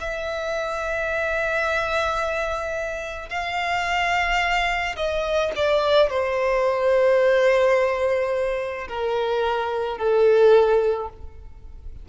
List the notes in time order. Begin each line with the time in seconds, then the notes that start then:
0.00 E5
3.29 F5
4.96 D#5
5.56 D5
6.10 C5
8.88 A#4
9.97 A4